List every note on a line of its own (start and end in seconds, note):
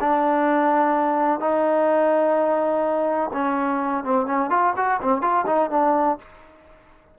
0.00 1.40 D4
1.40 3.30 D#4
3.33 4.04 C#4
4.04 4.26 C4
4.26 4.50 C#4
4.50 4.73 F4
4.76 5.00 F#4
5.01 5.21 C4
5.21 5.45 F4
5.46 5.70 D#4
5.70 6.18 D4